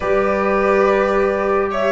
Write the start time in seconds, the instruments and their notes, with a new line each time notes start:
0.00 tuba G3, trombone G4, violin B4, flute D5
1.71 violin C#5, flute E5